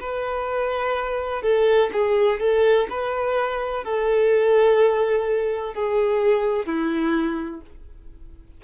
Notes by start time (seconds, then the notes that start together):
0.00 B4
1.42 A4
1.92 G#4
2.39 A4
2.89 B4
3.84 A4
5.74 G#4
6.65 E4